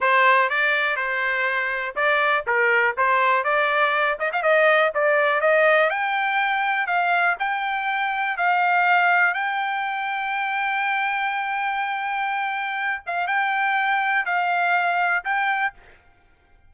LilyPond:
\new Staff \with { instrumentName = "trumpet" } { \time 4/4 \tempo 4 = 122 c''4 d''4 c''2 | d''4 ais'4 c''4 d''4~ | d''8 dis''16 f''16 dis''4 d''4 dis''4 | g''2 f''4 g''4~ |
g''4 f''2 g''4~ | g''1~ | g''2~ g''8 f''8 g''4~ | g''4 f''2 g''4 | }